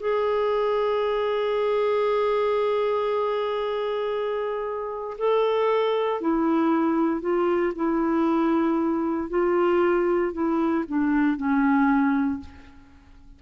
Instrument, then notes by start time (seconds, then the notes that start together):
clarinet
0.00 G#4
5.18 A4
6.21 E4
7.21 F4
7.75 E4
9.30 F4
10.33 E4
10.88 D4
11.37 C#4